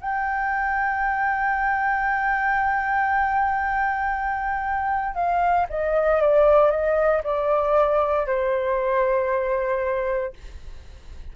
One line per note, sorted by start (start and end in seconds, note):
0.00 5.14 G5
5.14 5.66 F5
5.69 6.21 D#5
6.21 6.71 D5
6.71 7.22 D#5
7.23 8.26 D5
8.26 10.33 C5